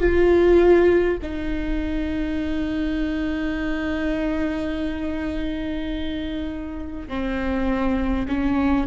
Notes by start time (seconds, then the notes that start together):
0.00 F4
1.22 D#4
7.08 C4
8.28 C#4